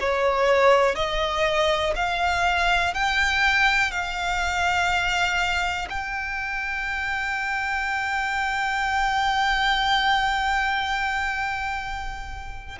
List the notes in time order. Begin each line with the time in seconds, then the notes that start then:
0.00 C#5
0.95 D#5
1.95 F5
2.94 G5
3.91 F5
5.89 G5